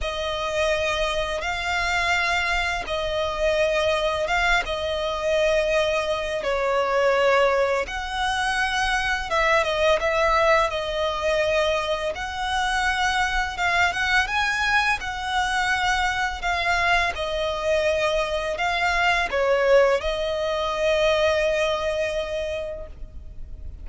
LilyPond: \new Staff \with { instrumentName = "violin" } { \time 4/4 \tempo 4 = 84 dis''2 f''2 | dis''2 f''8 dis''4.~ | dis''4 cis''2 fis''4~ | fis''4 e''8 dis''8 e''4 dis''4~ |
dis''4 fis''2 f''8 fis''8 | gis''4 fis''2 f''4 | dis''2 f''4 cis''4 | dis''1 | }